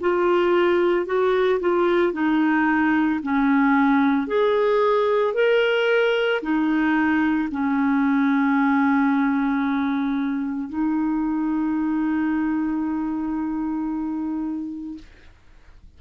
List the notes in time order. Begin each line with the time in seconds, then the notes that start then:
0.00 F4
1.06 F#4
1.59 F4
2.12 D#4
3.22 C#4
4.27 G#4
5.34 A#4
6.41 D#4
7.51 C#4
10.69 D#4